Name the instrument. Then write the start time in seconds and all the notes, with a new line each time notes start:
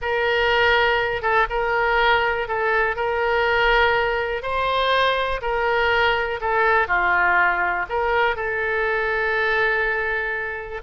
oboe
0.01 A#4
1.22 A4
1.49 A#4
2.48 A4
2.96 A#4
4.42 C5
5.41 A#4
6.40 A4
6.87 F4
7.89 A#4
8.36 A4